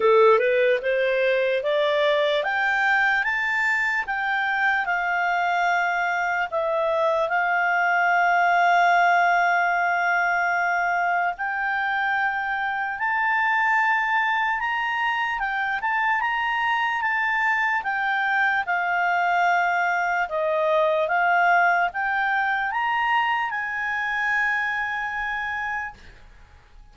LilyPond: \new Staff \with { instrumentName = "clarinet" } { \time 4/4 \tempo 4 = 74 a'8 b'8 c''4 d''4 g''4 | a''4 g''4 f''2 | e''4 f''2.~ | f''2 g''2 |
a''2 ais''4 g''8 a''8 | ais''4 a''4 g''4 f''4~ | f''4 dis''4 f''4 g''4 | ais''4 gis''2. | }